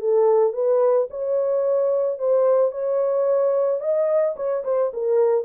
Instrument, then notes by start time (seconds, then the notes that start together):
horn
0.00 A4
0.53 B4
1.10 C#5
2.18 C5
2.71 C#5
3.80 D#5
4.36 C#5
4.64 C5
4.93 A#4